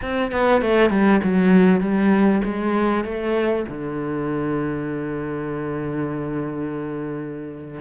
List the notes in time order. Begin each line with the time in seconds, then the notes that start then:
0.01 C4
0.31 B3
0.61 A3
0.90 G3
1.23 F#3
1.80 G3
2.44 G#3
3.04 A3
3.68 D3